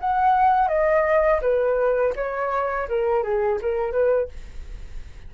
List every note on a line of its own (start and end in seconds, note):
0.00 0.68 F#5
0.68 1.40 D#5
1.41 2.14 B4
2.16 2.88 C#5
2.88 3.23 A#4
3.23 3.59 G#4
3.61 3.92 A#4
3.92 4.28 B4